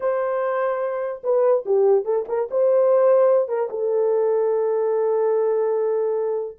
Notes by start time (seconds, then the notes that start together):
0.00 C5
1.23 B4
1.65 G4
2.05 A4
2.28 A#4
2.50 C5
3.48 A#4
3.70 A4